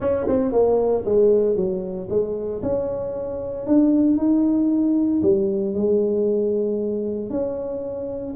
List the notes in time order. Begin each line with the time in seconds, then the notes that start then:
0.00 C#4
0.27 C4
0.52 A#3
1.05 G#3
1.56 F#3
2.09 G#3
2.62 C#4
3.66 D4
4.17 D#4
5.22 G3
5.74 G#3
7.29 C#4